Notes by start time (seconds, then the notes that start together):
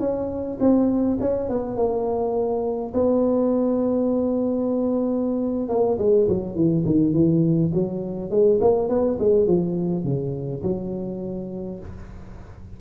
0.00 C#4
0.60 C4
1.21 C#4
1.50 B3
1.76 A#3
2.94 B3
5.69 A#3
5.99 G#3
6.29 F#3
6.55 E3
6.86 D#3
7.14 E3
7.74 F#3
8.31 G#3
8.61 A#3
8.89 B3
9.20 G#3
9.47 F3
10.04 C#3
10.63 F#3